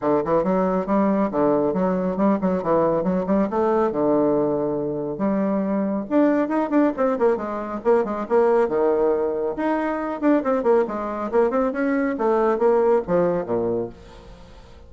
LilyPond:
\new Staff \with { instrumentName = "bassoon" } { \time 4/4 \tempo 4 = 138 d8 e8 fis4 g4 d4 | fis4 g8 fis8 e4 fis8 g8 | a4 d2. | g2 d'4 dis'8 d'8 |
c'8 ais8 gis4 ais8 gis8 ais4 | dis2 dis'4. d'8 | c'8 ais8 gis4 ais8 c'8 cis'4 | a4 ais4 f4 ais,4 | }